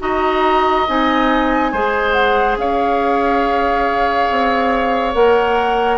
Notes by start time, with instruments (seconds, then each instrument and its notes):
0.00 bassoon D#4, clarinet F#4, oboe D#5, flute A#5
0.87 bassoon C4, clarinet D#4, flute G#5
1.72 bassoon G#3, clarinet G#4, oboe C5
2.13 flute F#5
2.57 bassoon C#4, oboe C#5, flute F5
4.30 bassoon C4
5.14 bassoon A#3, clarinet A#4, flute F#5